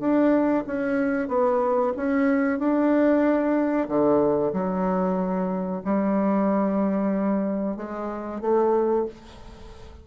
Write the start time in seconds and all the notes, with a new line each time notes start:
0.00 D4
0.67 C#4
1.29 B3
1.97 C#4
2.59 D4
3.88 D3
4.53 F#3
5.85 G3
7.77 G#3
8.41 A3